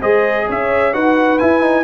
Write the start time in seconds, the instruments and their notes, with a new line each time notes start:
0.00 tuba G#3, trombone G#4, horn C5, trumpet D#5
0.48 tuba C#4, horn C#5, trumpet E5
0.93 tuba D#4, trombone F#4, horn B4, trumpet F#5
1.39 trombone E4, tuba E4, trumpet G#5
1.62 trombone D#4